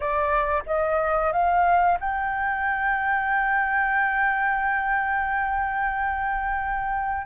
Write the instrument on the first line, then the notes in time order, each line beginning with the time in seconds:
flute
0.00 D5
0.66 D#5
1.32 F5
2.00 G5